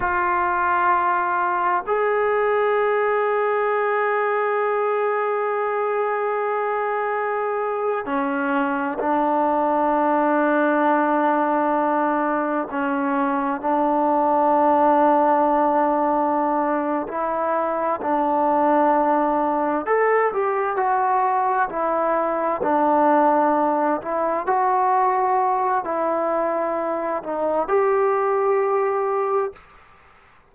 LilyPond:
\new Staff \with { instrumentName = "trombone" } { \time 4/4 \tempo 4 = 65 f'2 gis'2~ | gis'1~ | gis'8. cis'4 d'2~ d'16~ | d'4.~ d'16 cis'4 d'4~ d'16~ |
d'2~ d'8 e'4 d'8~ | d'4. a'8 g'8 fis'4 e'8~ | e'8 d'4. e'8 fis'4. | e'4. dis'8 g'2 | }